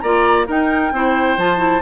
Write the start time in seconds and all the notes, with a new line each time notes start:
0.00 A#3 F4 D5 A#5
0.47 D#4 A#4 G5
0.92 C4 E4 C5
1.37 F3 F4 A5
1.57 E4